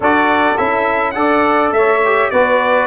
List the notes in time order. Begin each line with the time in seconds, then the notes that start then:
0.00 D4 F#4 A4 D5
0.57 C#4 E4 E5
1.11 D4 A4 F#5
1.17 D5
1.71 A3 C#5 E5
2.04 G4
2.30 B3 F#4 B4 D5